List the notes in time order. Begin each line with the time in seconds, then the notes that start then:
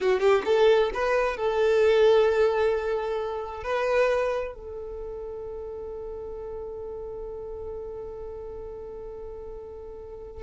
0.00 F#4
0.20 G4
0.45 A4
0.94 B4
1.36 A4
3.63 B4
4.54 A4